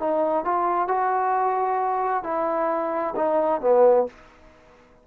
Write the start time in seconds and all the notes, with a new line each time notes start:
0.00 D#4
0.45 F4
0.88 F#4
2.24 E4
3.16 D#4
3.62 B3